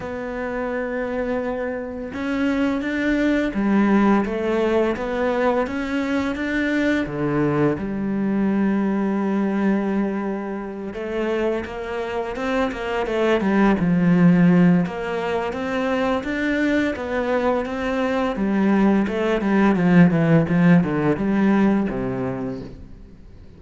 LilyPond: \new Staff \with { instrumentName = "cello" } { \time 4/4 \tempo 4 = 85 b2. cis'4 | d'4 g4 a4 b4 | cis'4 d'4 d4 g4~ | g2.~ g8 a8~ |
a8 ais4 c'8 ais8 a8 g8 f8~ | f4 ais4 c'4 d'4 | b4 c'4 g4 a8 g8 | f8 e8 f8 d8 g4 c4 | }